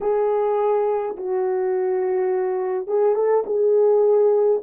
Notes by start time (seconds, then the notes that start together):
0.00 G#4
1.16 F#4
2.87 G#4
3.15 A4
3.46 G#4